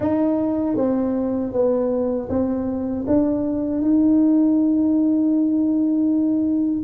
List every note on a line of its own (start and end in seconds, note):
0.00 0.76 D#4
0.76 1.52 C4
1.52 2.28 B3
2.29 3.05 C4
3.07 3.81 D4
3.81 6.83 D#4